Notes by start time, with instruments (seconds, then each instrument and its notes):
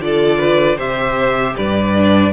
0.00 cello D3, viola F4, violin A4 D5
0.38 violin B4
0.76 cello C3, viola G4, violin C5 E5
1.56 cello G2, violin B4 D5
1.96 viola D4